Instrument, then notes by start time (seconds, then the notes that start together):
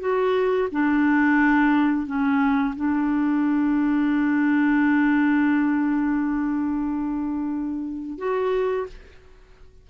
clarinet
0.00 F#4
0.72 D4
2.06 C#4
2.76 D4
8.18 F#4